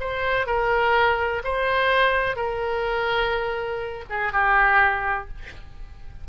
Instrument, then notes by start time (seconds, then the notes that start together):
oboe
0.00 C5
0.46 A#4
1.44 C5
2.37 A#4
4.10 G#4
4.33 G4